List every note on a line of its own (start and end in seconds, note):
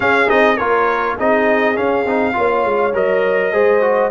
0.00 0.26 C#4
0.00 0.29 C#4
0.00 0.57 G#4
0.00 0.29 F5
0.26 0.59 C4
0.26 0.56 D#4
0.26 0.57 D#5
0.57 1.18 A#3
0.57 1.18 F4
0.57 1.16 A#4
0.57 1.16 C#5
1.16 1.78 C4
1.16 1.76 D#4
1.16 2.34 G#4
1.16 1.76 D#5
1.76 2.05 C#4
1.76 2.94 F5
2.05 2.35 C4
2.05 2.33 D#4
2.33 2.64 A#3
2.33 2.92 F4
2.33 3.52 C#5
2.64 2.93 G#3
2.93 3.52 F#3
2.93 3.52 A#4
2.93 4.11 D#5
3.52 4.11 G#3
3.52 3.81 G#4
3.52 4.11 C5
3.81 4.10 F#4